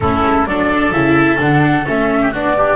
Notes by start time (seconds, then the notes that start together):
0.00 A3 C#4 E4 A4
0.25 G#3
0.46 F#3 D4 A4 D5
0.92 C#3 E4 E5
1.37 D3 D4 F#5
1.85 A3 C#4 E5
2.21 G4
2.32 B3 D4 F#4 D5
2.56 D4 G4